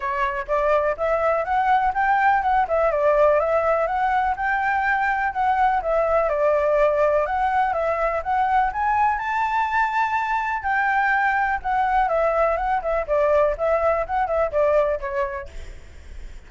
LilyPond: \new Staff \with { instrumentName = "flute" } { \time 4/4 \tempo 4 = 124 cis''4 d''4 e''4 fis''4 | g''4 fis''8 e''8 d''4 e''4 | fis''4 g''2 fis''4 | e''4 d''2 fis''4 |
e''4 fis''4 gis''4 a''4~ | a''2 g''2 | fis''4 e''4 fis''8 e''8 d''4 | e''4 fis''8 e''8 d''4 cis''4 | }